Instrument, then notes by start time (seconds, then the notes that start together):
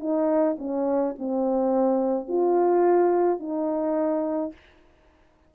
horn
0.00 D#4
0.59 C#4
1.19 C4
2.28 F4
3.40 D#4